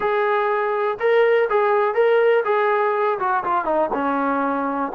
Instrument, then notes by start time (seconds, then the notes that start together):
trombone
0.00 G#4
0.99 A#4
1.49 G#4
1.94 A#4
2.45 G#4
3.19 F#4
3.44 F4
3.65 D#4
3.93 C#4